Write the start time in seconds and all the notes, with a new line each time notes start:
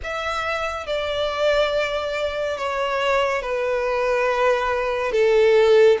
0.03 E5
0.86 D5
2.57 C#5
3.42 B4
5.12 A4